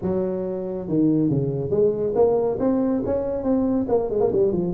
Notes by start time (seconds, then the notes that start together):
0.02 F#3
0.88 D#3
1.29 C#3
1.70 G#3
2.15 A#3
2.59 C4
3.05 C#4
3.43 C4
3.88 A#3
4.09 G#3
4.20 A#3
4.32 G3
4.52 F3